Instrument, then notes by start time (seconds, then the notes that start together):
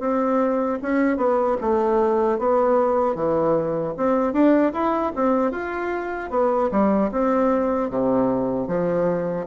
bassoon
0.00 C4
0.83 C#4
1.18 B3
1.61 A3
2.39 B3
3.15 E3
3.97 C4
4.33 D4
4.73 E4
5.16 C4
5.52 F4
6.31 B3
6.72 G3
7.12 C4
7.90 C3
8.68 F3